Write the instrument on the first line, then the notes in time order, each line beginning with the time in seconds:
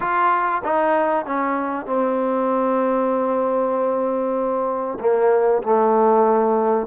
trombone
0.00 F4
0.64 D#4
1.25 C#4
1.86 C4
4.99 A#3
5.62 A3